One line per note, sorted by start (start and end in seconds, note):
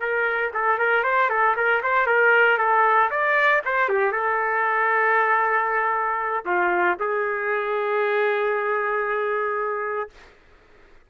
0.00 0.52 A#4
0.54 0.79 A4
0.79 1.04 A#4
1.04 1.30 C5
1.30 1.56 A4
1.56 1.82 A#4
1.83 2.07 C5
2.07 2.58 A#4
2.58 3.10 A4
3.11 3.62 D5
3.66 3.89 C5
3.89 4.12 G4
4.12 6.45 A4
6.46 6.97 F4
7.00 10.10 G#4